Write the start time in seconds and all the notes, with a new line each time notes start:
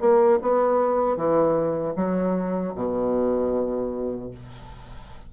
0.00 A#3
0.42 B3
1.16 E3
1.96 F#3
2.75 B2